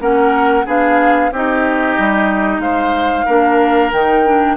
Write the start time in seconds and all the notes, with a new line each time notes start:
0.00 A#3 C#4 A#4 F#5
0.66 B3 D4 G#4 F5
1.32 C4 D#4 G4 D#5
1.99 G3
2.59 G#3 C5 F5
3.26 A#3 D4 A#4
3.93 D#3 D#4 G5
4.26 D4